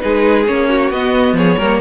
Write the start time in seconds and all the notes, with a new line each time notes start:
0.00 G#3 D#4 G#4 B4
0.47 A#3 C#4 C#5
0.69 F#4
0.90 B3 D#5
1.33 F3 G#4 C#5
1.57 G3 A#3 A#4